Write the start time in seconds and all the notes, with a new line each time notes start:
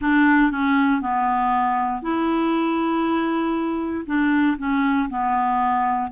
0.00 D4
0.51 C#4
1.01 B3
2.02 E4
4.06 D4
4.58 C#4
5.09 B3